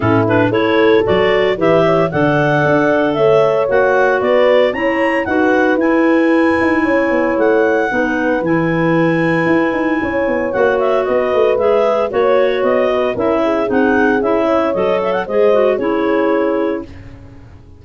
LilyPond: <<
  \new Staff \with { instrumentName = "clarinet" } { \time 4/4 \tempo 4 = 114 a'8 b'8 cis''4 d''4 e''4 | fis''2 e''4 fis''4 | d''4 ais''4 fis''4 gis''4~ | gis''2 fis''2 |
gis''1 | fis''8 e''8 dis''4 e''4 cis''4 | dis''4 e''4 fis''4 e''4 | dis''8 e''16 fis''16 dis''4 cis''2 | }
  \new Staff \with { instrumentName = "horn" } { \time 4/4 e'4 a'2 b'8 cis''8 | d''2 cis''2 | b'4 cis''4 b'2~ | b'4 cis''2 b'4~ |
b'2. cis''4~ | cis''4 b'2 cis''4~ | cis''8 b'8 ais'8 gis'2 cis''8~ | cis''4 c''4 gis'2 | }
  \new Staff \with { instrumentName = "clarinet" } { \time 4/4 cis'8 d'8 e'4 fis'4 g'4 | a'2. fis'4~ | fis'4 e'4 fis'4 e'4~ | e'2. dis'4 |
e'1 | fis'2 gis'4 fis'4~ | fis'4 e'4 dis'4 e'4 | a'4 gis'8 fis'8 e'2 | }
  \new Staff \with { instrumentName = "tuba" } { \time 4/4 a,4 a4 fis4 e4 | d4 d'4 a4 ais4 | b4 cis'4 dis'4 e'4~ | e'8 dis'8 cis'8 b8 a4 b4 |
e2 e'8 dis'8 cis'8 b8 | ais4 b8 a8 gis4 ais4 | b4 cis'4 c'4 cis'4 | fis4 gis4 cis'2 | }
>>